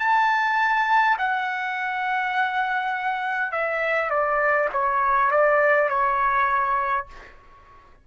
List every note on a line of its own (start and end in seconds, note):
0.00 1.18 A5
1.18 3.52 F#5
3.52 4.11 E5
4.11 4.70 D5
4.73 5.32 C#5
5.32 5.89 D5
5.89 7.07 C#5